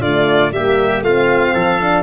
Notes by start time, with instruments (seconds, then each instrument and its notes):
0.00 tuba D3, horn A3, trumpet F4, violin D5
0.52 tuba G3, horn A#3, trumpet G4, violin E5
1.01 tuba A3, horn C4, trumpet F4, violin F5
1.54 tuba F3, trumpet A4
1.81 horn D4